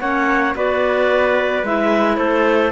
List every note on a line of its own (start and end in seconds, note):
0.00 0.55 A#3
0.00 0.55 C#4
0.00 0.55 C#5
0.00 0.55 F#5
0.55 1.63 B3
0.55 1.64 F#4
0.55 2.19 B4
0.55 1.66 D5
1.63 2.17 G#3
1.63 2.72 E4
1.63 2.17 E5
2.17 2.72 A3
2.17 2.72 A4
2.17 2.72 C5